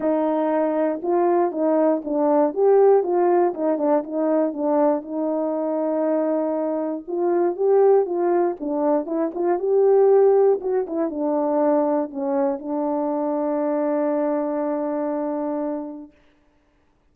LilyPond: \new Staff \with { instrumentName = "horn" } { \time 4/4 \tempo 4 = 119 dis'2 f'4 dis'4 | d'4 g'4 f'4 dis'8 d'8 | dis'4 d'4 dis'2~ | dis'2 f'4 g'4 |
f'4 d'4 e'8 f'8 g'4~ | g'4 fis'8 e'8 d'2 | cis'4 d'2.~ | d'1 | }